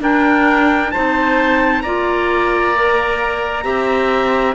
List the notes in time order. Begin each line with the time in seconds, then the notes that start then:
0.00 D4 A#4 G5
0.91 C4 D#4 C5 A5
1.82 A#3 F4 D5 A#5
2.75 A#4
3.63 C4 G4 E5